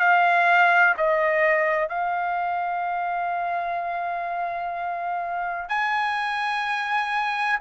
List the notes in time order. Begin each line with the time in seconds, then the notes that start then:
0.00 F5
0.97 D#5
1.89 F5
5.69 G#5